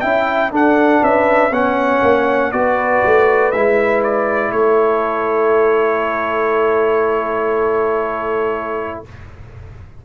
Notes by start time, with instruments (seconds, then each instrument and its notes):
0.00 tuba C#4, trombone E4, horn E5, trumpet G5
0.50 tuba D4, trombone D4, horn A4, trumpet F#5
1.00 tuba C#4, horn B4, trumpet E5
1.51 tuba B3, trombone C#4, horn C#5, trumpet F#5
2.02 tuba A#3
2.51 tuba B3, trombone F#4, horn B4, trumpet D5
3.05 tuba A3
3.51 tuba G#3, trombone E4, trumpet E5
4.03 trumpet D5
4.51 tuba A3, horn A4, trumpet C#5